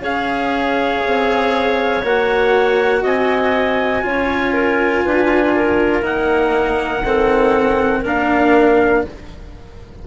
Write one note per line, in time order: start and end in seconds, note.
0.00 1.00 C#4
0.00 2.02 G#4
0.00 3.01 C#5
0.00 2.04 F5
1.06 2.03 C4
2.03 3.03 A#3
2.03 4.03 F#4
2.03 3.05 F#5
3.02 4.03 C4
3.02 4.02 D#5
3.02 6.05 G#5
4.03 5.04 C#4
4.03 6.03 F4
4.03 4.53 C#5
4.53 5.03 A#4
5.04 6.01 D4
5.04 5.54 B4
5.55 7.05 A#4
6.01 7.02 A#3
6.01 7.00 D#4
6.01 8.05 F#5
7.00 8.00 D#3
7.00 8.05 C4
7.00 8.00 A4
8.00 9.06 A#3
8.00 9.05 D4
8.00 9.00 A#4
8.06 9.06 F5